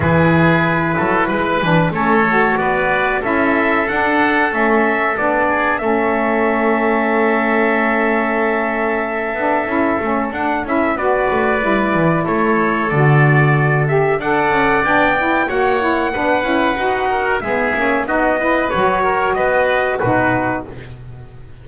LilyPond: <<
  \new Staff \with { instrumentName = "trumpet" } { \time 4/4 \tempo 4 = 93 b'2. cis''4 | d''4 e''4 fis''4 e''4 | d''4 e''2.~ | e''1 |
fis''8 e''8 d''2 cis''4 | d''4. e''8 fis''4 g''4 | fis''2. e''4 | dis''4 cis''4 dis''4 b'4 | }
  \new Staff \with { instrumentName = "oboe" } { \time 4/4 gis'4. a'8 b'4 a'4 | b'4 a'2.~ | a'8 gis'8 a'2.~ | a'1~ |
a'4 b'2 a'4~ | a'2 d''2 | cis''4 b'4. ais'8 gis'4 | fis'8 b'4 ais'8 b'4 fis'4 | }
  \new Staff \with { instrumentName = "saxophone" } { \time 4/4 e'2~ e'8 d'8 cis'8 fis'8~ | fis'4 e'4 d'4 cis'4 | d'4 cis'2.~ | cis'2~ cis'8 d'8 e'8 cis'8 |
d'8 e'8 fis'4 e'2 | fis'4. g'8 a'4 d'8 e'8 | fis'8 e'8 d'8 e'8 fis'4 b8 cis'8 | dis'8 e'8 fis'2 dis'4 | }
  \new Staff \with { instrumentName = "double bass" } { \time 4/4 e4. fis8 gis8 e8 a4 | b4 cis'4 d'4 a4 | b4 a2.~ | a2~ a8 b8 cis'8 a8 |
d'8 cis'8 b8 a8 g8 e8 a4 | d2 d'8 cis'8 b4 | ais4 b8 cis'8 dis'4 gis8 ais8 | b4 fis4 b4 b,4 | }
>>